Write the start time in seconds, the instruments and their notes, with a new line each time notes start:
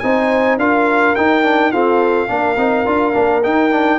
0.00 tuba C4, trombone D#4, horn C5, trumpet G#5
0.58 tuba D4, trombone F4, horn A#4, trumpet F5
1.16 trombone D#4, tuba D#4, trumpet G5
1.44 trombone D4
1.72 trombone C4, tuba F4, horn A4, trumpet F5
2.28 tuba A#3, trombone D4, horn A#4
2.57 tuba C4, trombone D#4
2.86 tuba D4, trombone F4
3.14 tuba A#3, trombone D4
3.44 trombone D#4, tuba D#4, trumpet G5
3.72 trombone D4